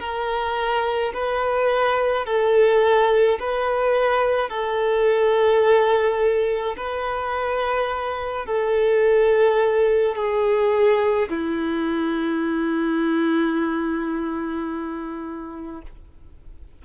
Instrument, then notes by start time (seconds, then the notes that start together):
violin
0.00 A#4
1.14 B4
2.26 A4
3.40 B4
4.49 A4
6.77 B4
8.46 A4
10.16 G#4
11.30 E4